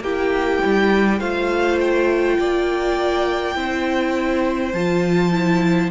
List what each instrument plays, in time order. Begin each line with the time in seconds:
0.00 cello A#3, viola E4, violin G4 G5
0.65 cello G3
1.19 cello A3, viola F4, violin C5 F5
1.80 violin G5
2.38 cello A#3, violin D5
3.55 cello C4, viola E4, violin C5
4.72 cello F3, viola F4, violin A5
5.32 viola E4